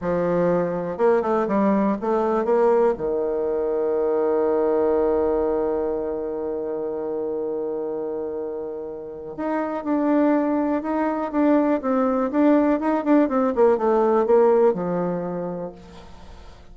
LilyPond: \new Staff \with { instrumentName = "bassoon" } { \time 4/4 \tempo 4 = 122 f2 ais8 a8 g4 | a4 ais4 dis2~ | dis1~ | dis1~ |
dis2. dis'4 | d'2 dis'4 d'4 | c'4 d'4 dis'8 d'8 c'8 ais8 | a4 ais4 f2 | }